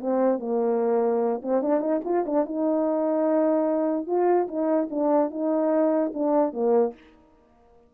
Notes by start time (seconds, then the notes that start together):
0.00 C4
0.40 A#3
1.43 C4
1.62 D4
1.81 D#4
2.05 F4
2.26 D4
2.46 D#4
4.07 F4
4.48 D#4
4.90 D4
5.31 D#4
6.14 D4
6.53 A#3